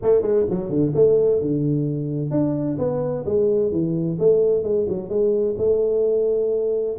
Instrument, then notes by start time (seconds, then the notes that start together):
tuba
0.02 A3
0.22 G#3
0.50 F#3
0.69 D3
0.95 A3
1.41 D3
2.30 D4
2.78 B3
3.25 G#3
3.71 E3
4.19 A3
4.63 G#3
4.88 F#3
5.09 G#3
5.58 A3